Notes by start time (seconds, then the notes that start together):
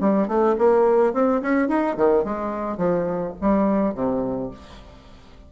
0.00 G3
0.28 A3
0.58 A#3
1.13 C4
1.41 C#4
1.68 D#4
1.97 D#3
2.24 G#3
2.77 F3
3.41 G3
3.94 C3